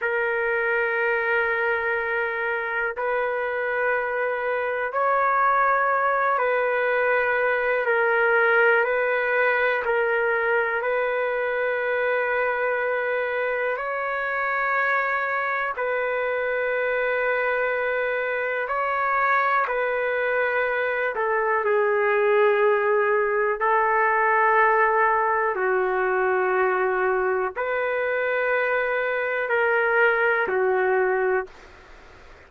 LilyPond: \new Staff \with { instrumentName = "trumpet" } { \time 4/4 \tempo 4 = 61 ais'2. b'4~ | b'4 cis''4. b'4. | ais'4 b'4 ais'4 b'4~ | b'2 cis''2 |
b'2. cis''4 | b'4. a'8 gis'2 | a'2 fis'2 | b'2 ais'4 fis'4 | }